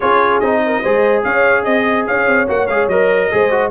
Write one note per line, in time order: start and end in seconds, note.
0.00 0.41 C#4
0.00 0.42 F4
0.00 0.61 G#4
0.00 0.40 C#5
0.40 0.82 C4
0.40 0.84 D#4
0.40 1.22 D#5
0.65 0.82 A#4
0.82 1.24 G#3
0.82 2.47 G#4
0.82 1.23 C5
1.23 1.65 C#4
1.23 1.64 C#5
1.23 1.64 F5
1.64 2.07 C4
1.64 2.05 D#5
1.64 2.06 D#5
2.07 2.26 C#4
2.07 3.31 C#5
2.07 2.48 F5
2.26 2.47 C4
2.47 2.69 A#3
2.47 2.67 F#4
2.47 2.67 F#5
2.67 2.87 G#3
2.67 2.90 G#4
2.67 2.88 F5
2.87 3.29 F#3
2.87 3.31 A#4
2.87 3.70 D#5
3.31 3.70 G#3
3.31 3.50 G#4
3.31 3.70 C5
3.50 3.70 F#4